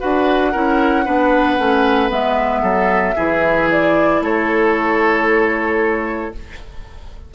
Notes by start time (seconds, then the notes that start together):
0.00 D4 F#4 B4 F#5
0.52 C#4 E4 A#4
1.06 B3 D4 B4
1.59 A3 C#4
2.10 G#3 B3 E5
2.62 F#3 A4
3.16 E3 E4 G#4
3.71 D5
4.21 A3 A4 C#5